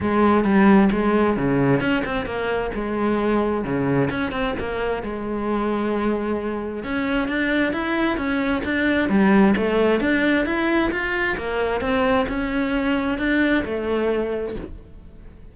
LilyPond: \new Staff \with { instrumentName = "cello" } { \time 4/4 \tempo 4 = 132 gis4 g4 gis4 cis4 | cis'8 c'8 ais4 gis2 | cis4 cis'8 c'8 ais4 gis4~ | gis2. cis'4 |
d'4 e'4 cis'4 d'4 | g4 a4 d'4 e'4 | f'4 ais4 c'4 cis'4~ | cis'4 d'4 a2 | }